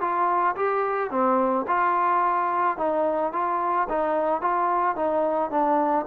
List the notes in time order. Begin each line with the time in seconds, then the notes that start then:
0.00 F4
0.56 G4
1.10 C4
1.67 F4
2.77 D#4
3.32 F4
3.89 D#4
4.41 F4
4.95 D#4
5.50 D4